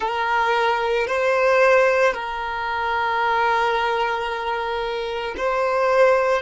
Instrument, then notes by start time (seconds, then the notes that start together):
violin
0.00 A#4
1.07 C5
2.13 A#4
5.37 C5